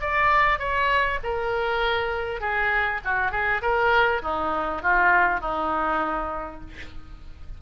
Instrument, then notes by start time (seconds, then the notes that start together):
oboe
0.00 D5
0.59 C#5
1.23 A#4
2.40 G#4
3.04 F#4
3.31 G#4
3.62 A#4
4.22 D#4
4.82 F4
5.40 D#4